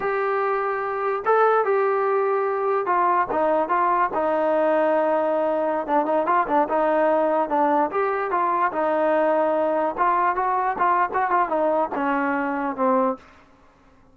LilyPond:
\new Staff \with { instrumentName = "trombone" } { \time 4/4 \tempo 4 = 146 g'2. a'4 | g'2. f'4 | dis'4 f'4 dis'2~ | dis'2~ dis'16 d'8 dis'8 f'8 d'16~ |
d'16 dis'2 d'4 g'8.~ | g'16 f'4 dis'2~ dis'8.~ | dis'16 f'4 fis'4 f'8. fis'8 f'8 | dis'4 cis'2 c'4 | }